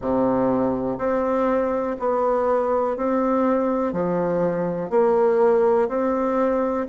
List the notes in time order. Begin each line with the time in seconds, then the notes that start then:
0.00 C3
0.98 C4
1.99 B3
2.96 C4
3.92 F3
4.90 A#3
5.88 C4